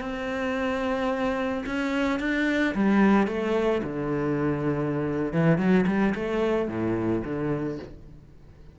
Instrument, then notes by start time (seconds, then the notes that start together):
cello
0.00 C4
1.66 C#4
2.19 D4
2.74 G3
3.27 A3
3.83 D3
5.33 E3
5.58 F#3
5.86 G3
6.15 A3
6.68 A2
7.24 D3